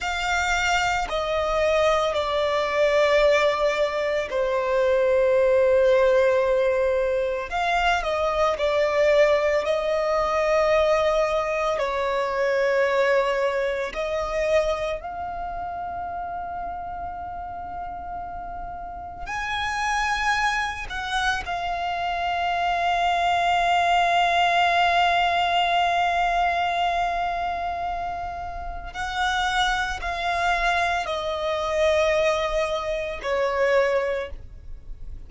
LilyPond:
\new Staff \with { instrumentName = "violin" } { \time 4/4 \tempo 4 = 56 f''4 dis''4 d''2 | c''2. f''8 dis''8 | d''4 dis''2 cis''4~ | cis''4 dis''4 f''2~ |
f''2 gis''4. fis''8 | f''1~ | f''2. fis''4 | f''4 dis''2 cis''4 | }